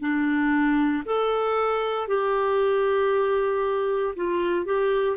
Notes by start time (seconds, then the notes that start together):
0.00 D4
1.05 A4
2.07 G4
4.16 F4
4.66 G4